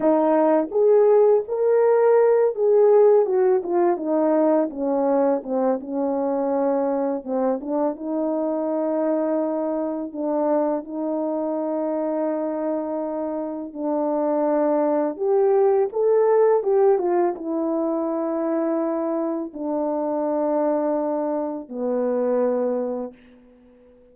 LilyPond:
\new Staff \with { instrumentName = "horn" } { \time 4/4 \tempo 4 = 83 dis'4 gis'4 ais'4. gis'8~ | gis'8 fis'8 f'8 dis'4 cis'4 c'8 | cis'2 c'8 d'8 dis'4~ | dis'2 d'4 dis'4~ |
dis'2. d'4~ | d'4 g'4 a'4 g'8 f'8 | e'2. d'4~ | d'2 b2 | }